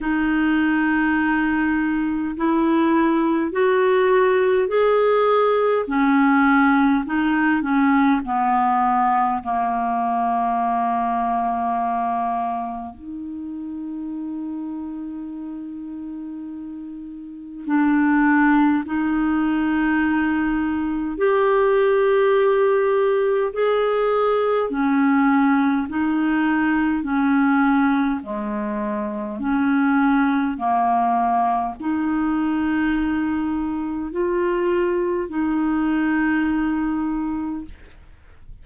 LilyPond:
\new Staff \with { instrumentName = "clarinet" } { \time 4/4 \tempo 4 = 51 dis'2 e'4 fis'4 | gis'4 cis'4 dis'8 cis'8 b4 | ais2. dis'4~ | dis'2. d'4 |
dis'2 g'2 | gis'4 cis'4 dis'4 cis'4 | gis4 cis'4 ais4 dis'4~ | dis'4 f'4 dis'2 | }